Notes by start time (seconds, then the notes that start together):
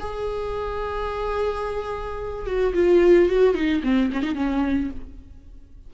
0.00 G#4
2.46 F#4
2.74 F4
3.29 F#4
3.55 D#4
3.84 C4
4.13 C#4
4.23 D#4
4.35 C#4